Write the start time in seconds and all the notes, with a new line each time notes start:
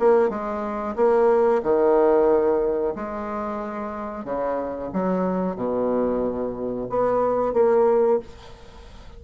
0.00 A#3
0.30 G#3
0.97 A#3
1.63 D#3
2.96 G#3
4.25 C#3
4.93 F#3
5.56 B2
6.90 B3
7.54 A#3